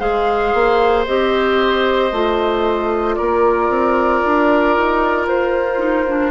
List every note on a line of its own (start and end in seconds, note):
0.00 0.53 G#3
0.00 1.06 G#4
0.00 3.16 C5
0.00 1.06 F5
0.54 1.07 A#3
1.07 2.12 C4
1.07 2.12 G4
1.07 3.16 D#5
2.12 3.17 A3
2.12 5.79 F4
3.16 3.69 A#3
3.16 6.32 A#4
3.16 5.26 D5
3.69 4.22 C4
4.25 4.78 D4
4.78 5.27 D#4
5.27 6.32 F4
5.27 6.32 C5
5.79 6.05 D#4
6.09 6.32 D4